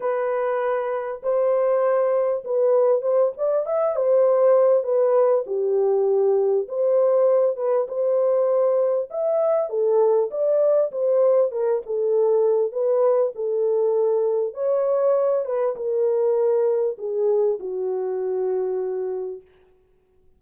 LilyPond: \new Staff \with { instrumentName = "horn" } { \time 4/4 \tempo 4 = 99 b'2 c''2 | b'4 c''8 d''8 e''8 c''4. | b'4 g'2 c''4~ | c''8 b'8 c''2 e''4 |
a'4 d''4 c''4 ais'8 a'8~ | a'4 b'4 a'2 | cis''4. b'8 ais'2 | gis'4 fis'2. | }